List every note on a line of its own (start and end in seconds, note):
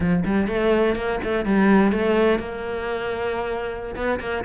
0.00 0.23 F3
0.25 0.47 G3
0.47 0.95 A3
0.95 1.19 A#3
1.23 1.45 A3
1.45 1.91 G3
1.91 2.39 A3
2.39 3.95 A#3
3.95 4.19 B3
4.20 4.44 A#3